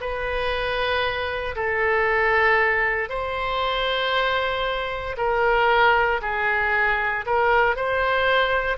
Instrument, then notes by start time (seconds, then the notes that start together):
oboe
0.00 B4
1.56 A4
3.09 C5
5.17 A#4
6.22 G#4
7.26 A#4
7.76 C5